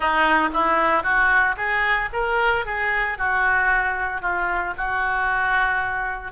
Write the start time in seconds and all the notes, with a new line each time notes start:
0.00 D#4
0.53 E4
1.03 F#4
1.56 G#4
2.12 A#4
2.65 G#4
3.17 F#4
4.21 F4
4.77 F#4